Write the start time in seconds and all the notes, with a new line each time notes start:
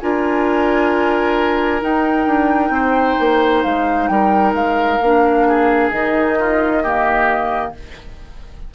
0.00 D4 F4 A#4 G#5
1.81 D#4 G5
2.27 D4
2.70 C4 C5
3.19 A#3
3.63 G#3 F5
4.08 G3 A#4 G5
4.54 G#3 F5
5.01 A#3 D4
5.48 G#4
5.91 D#3 D#4 D#5
6.39 F4
6.83 A#3 G4